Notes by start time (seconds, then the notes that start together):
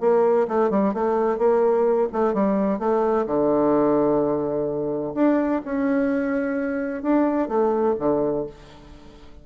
0.00 A#3
0.48 A3
0.70 G3
0.93 A3
1.38 A#3
2.12 A3
2.34 G3
2.79 A3
3.26 D3
5.14 D4
5.65 C#4
7.02 D4
7.48 A3
7.99 D3